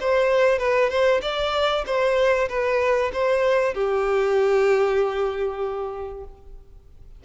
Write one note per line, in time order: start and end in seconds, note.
0.00 0.59 C5
0.59 0.90 B4
0.90 1.21 C5
1.22 1.84 D5
1.86 2.49 C5
2.49 3.11 B4
3.13 3.74 C5
3.74 6.24 G4